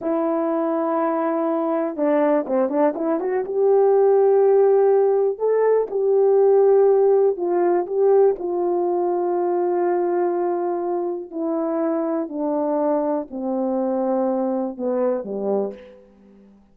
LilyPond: \new Staff \with { instrumentName = "horn" } { \time 4/4 \tempo 4 = 122 e'1 | d'4 c'8 d'8 e'8 fis'8 g'4~ | g'2. a'4 | g'2. f'4 |
g'4 f'2.~ | f'2. e'4~ | e'4 d'2 c'4~ | c'2 b4 g4 | }